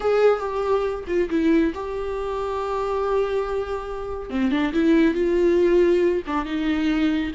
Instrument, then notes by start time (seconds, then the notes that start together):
viola
0.00 G#4
0.39 G4
1.07 F4
1.29 E4
1.74 G4
4.30 C4
4.51 D4
4.73 E4
5.14 F4
6.26 D4
6.45 D#4